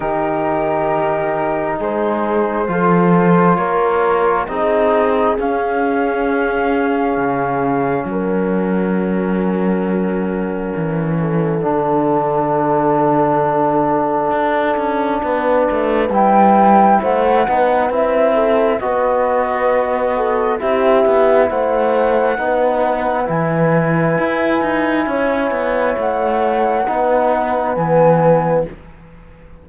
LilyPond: <<
  \new Staff \with { instrumentName = "flute" } { \time 4/4 \tempo 4 = 67 ais'2 c''2 | cis''4 dis''4 f''2~ | f''4 fis''2.~ | fis''1~ |
fis''2 g''4 fis''4 | e''4 dis''2 e''4 | fis''2 gis''2~ | gis''4 fis''2 gis''4 | }
  \new Staff \with { instrumentName = "horn" } { \time 4/4 g'2 gis'4 a'4 | ais'4 gis'2.~ | gis'4 ais'2.~ | ais'8 a'2.~ a'8~ |
a'4 b'2 c''8 b'8~ | b'8 a'8 b'4. a'8 g'4 | c''4 b'2. | cis''2 b'2 | }
  \new Staff \with { instrumentName = "trombone" } { \time 4/4 dis'2. f'4~ | f'4 dis'4 cis'2~ | cis'1~ | cis'4 d'2.~ |
d'2 e'4. dis'8 | e'4 fis'2 e'4~ | e'4 dis'4 e'2~ | e'2 dis'4 b4 | }
  \new Staff \with { instrumentName = "cello" } { \time 4/4 dis2 gis4 f4 | ais4 c'4 cis'2 | cis4 fis2. | e4 d2. |
d'8 cis'8 b8 a8 g4 a8 b8 | c'4 b2 c'8 b8 | a4 b4 e4 e'8 dis'8 | cis'8 b8 a4 b4 e4 | }
>>